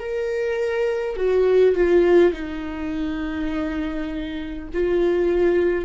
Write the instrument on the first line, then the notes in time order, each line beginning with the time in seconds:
viola
0.00 A#4
1.17 F#4
1.76 F4
2.33 D#4
4.74 F4